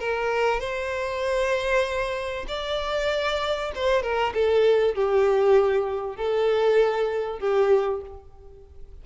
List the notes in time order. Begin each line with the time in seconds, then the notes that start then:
0.00 A#4
0.60 C5
2.49 D5
3.75 C5
4.03 A#4
4.35 A4
4.95 G4
6.17 A4
7.39 G4